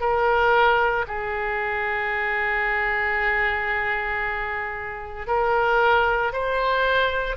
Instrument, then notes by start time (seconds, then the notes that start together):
oboe
0.00 A#4
1.08 G#4
5.27 A#4
6.33 C5